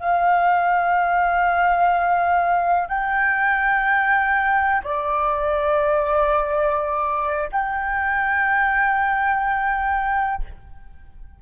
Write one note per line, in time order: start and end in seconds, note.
0.00 2.89 F5
2.89 4.82 G5
4.84 7.50 D5
7.52 10.43 G5